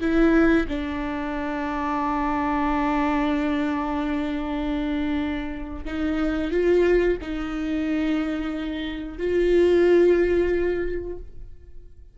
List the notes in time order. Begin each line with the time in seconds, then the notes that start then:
0.00 E4
0.68 D4
5.85 D#4
6.51 F4
7.21 D#4
9.18 F4